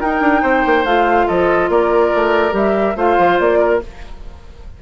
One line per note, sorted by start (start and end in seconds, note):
0.00 0.85 D#4
0.00 0.21 D#4
0.00 0.42 A#4
0.00 0.85 G5
0.21 0.42 D4
0.42 0.64 C4
0.42 1.26 C5
0.66 0.85 A#3
0.85 1.27 A3
0.85 2.51 F4
0.85 1.27 F5
1.28 1.69 F3
1.28 1.70 A4
1.28 1.70 D#5
1.69 2.11 A#3
1.69 2.97 A#4
1.69 2.55 D5
2.15 2.53 A3
2.51 2.95 G3
2.51 2.93 G4
2.51 2.98 E5
2.96 3.17 A3
2.96 3.81 F4
2.96 3.59 C5
2.96 3.40 F5
3.18 3.39 F3
3.40 3.82 A#3
3.40 3.82 D5
3.59 3.80 A#4